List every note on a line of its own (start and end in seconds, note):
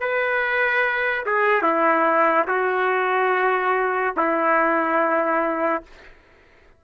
0.00 1.25 B4
1.25 1.62 G#4
1.62 2.45 E4
2.47 4.14 F#4
4.16 5.83 E4